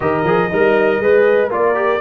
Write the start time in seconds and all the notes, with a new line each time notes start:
0.00 D#3 G4 A#4 D#5
0.23 F3 G#4
0.49 G3 D#4 A#4
0.99 G#3 G#4 B4
1.49 A#3 F4 A#4 D5
1.74 G4